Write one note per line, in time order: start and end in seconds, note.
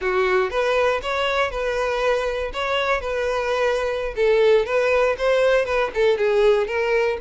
0.01 0.50 F#4
0.50 1.00 B4
1.02 1.50 C#5
1.50 2.51 B4
2.53 3.00 C#5
3.00 4.14 B4
4.16 4.65 A4
4.65 5.16 B4
5.18 5.65 C5
5.65 5.90 B4
5.94 6.17 A4
6.17 6.67 G#4
6.67 7.17 A#4